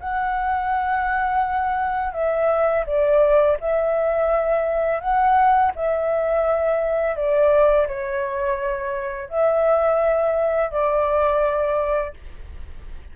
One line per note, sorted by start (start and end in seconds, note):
0.00 2.13 F#5
2.13 2.85 E5
2.86 3.58 D5
3.60 5.01 E5
5.01 5.72 F#5
5.76 7.16 E5
7.16 7.87 D5
7.87 9.29 C#5
9.29 10.71 E5
10.71 12.14 D5